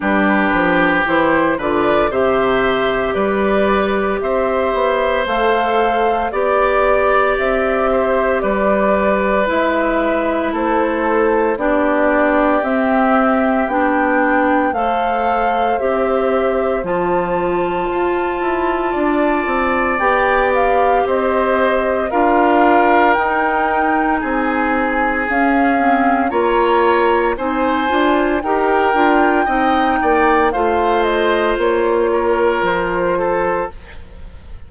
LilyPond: <<
  \new Staff \with { instrumentName = "flute" } { \time 4/4 \tempo 4 = 57 b'4 c''8 d''8 e''4 d''4 | e''4 f''4 d''4 e''4 | d''4 e''4 c''4 d''4 | e''4 g''4 f''4 e''4 |
a''2. g''8 f''8 | dis''4 f''4 g''4 gis''4 | f''4 ais''4 gis''4 g''4~ | g''4 f''8 dis''8 cis''4 c''4 | }
  \new Staff \with { instrumentName = "oboe" } { \time 4/4 g'4. b'8 c''4 b'4 | c''2 d''4. c''8 | b'2 a'4 g'4~ | g'2 c''2~ |
c''2 d''2 | c''4 ais'2 gis'4~ | gis'4 cis''4 c''4 ais'4 | dis''8 d''8 c''4. ais'4 a'8 | }
  \new Staff \with { instrumentName = "clarinet" } { \time 4/4 d'4 e'8 f'8 g'2~ | g'4 a'4 g'2~ | g'4 e'2 d'4 | c'4 d'4 a'4 g'4 |
f'2. g'4~ | g'4 f'4 dis'2 | cis'8 c'8 f'4 dis'8 f'8 g'8 f'8 | dis'4 f'2. | }
  \new Staff \with { instrumentName = "bassoon" } { \time 4/4 g8 f8 e8 d8 c4 g4 | c'8 b8 a4 b4 c'4 | g4 gis4 a4 b4 | c'4 b4 a4 c'4 |
f4 f'8 e'8 d'8 c'8 b4 | c'4 d'4 dis'4 c'4 | cis'4 ais4 c'8 d'8 dis'8 d'8 | c'8 ais8 a4 ais4 f4 | }
>>